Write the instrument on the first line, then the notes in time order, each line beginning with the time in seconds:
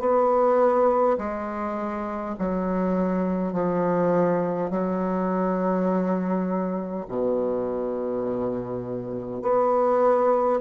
bassoon
0.00 B3
1.18 G#3
2.39 F#3
3.53 F3
4.71 F#3
7.09 B2
9.43 B3